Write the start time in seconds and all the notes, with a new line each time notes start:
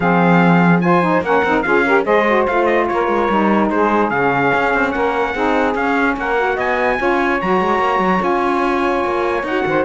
0.00 F3 C4 G#4 F5
0.80 F4 C5 G#5
1.02 D#4
1.20 A#3 C#4 A#4 F#5
1.43 C4 D#4
1.62 C#4 F4 G#4 F5
1.85 G4 A#4
2.03 G#3 G#4 C5 D#5
2.28 F#4
2.46 A3 F4 F5
2.65 D#5
2.87 A#3 A#4 C#5
3.07 G#3
3.29 G3 D#4
3.70 G#3 G#4 C5
4.09 C#3 C#4 F5
4.54 C#4
4.73 C4
4.91 A#3 A#4 F#5
5.33 C4 D#4 G#4
5.74 C#4 F5
6.16 A#3 A#4 F#5
6.36 F#4
6.55 B3 D#5 G#5
6.98 C#4 F4 C#5
7.41 F#3 F#4 A#5
7.60 G#3
7.79 A#3
7.98 F#3
8.18 C#4 F4 G#5
9.04 A#3
9.43 D#4 F#4 F#5
9.65 D#3 C5